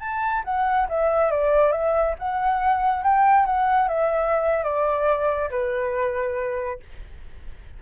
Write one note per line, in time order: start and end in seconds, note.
0.00 0.43 A5
0.44 0.88 F#5
0.89 1.31 E5
1.31 1.72 D5
1.72 2.15 E5
2.19 3.03 F#5
3.03 3.46 G5
3.46 3.88 F#5
3.88 4.64 E5
4.64 5.50 D5
5.50 6.80 B4